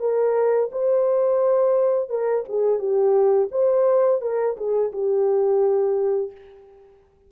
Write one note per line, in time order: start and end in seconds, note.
0.00 0.70 A#4
0.72 2.10 C5
2.10 2.45 A#4
2.49 2.79 G#4
2.79 3.49 G4
3.52 4.21 C5
4.21 4.56 A#4
4.57 4.92 G#4
4.92 6.32 G4